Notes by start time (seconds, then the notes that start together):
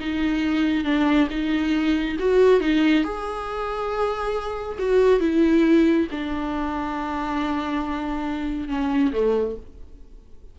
0.00 D#4
0.85 D4
1.30 D#4
2.20 F#4
2.61 D#4
3.05 G#4
4.79 F#4
5.21 E4
6.12 D4
8.69 C#4
9.13 A3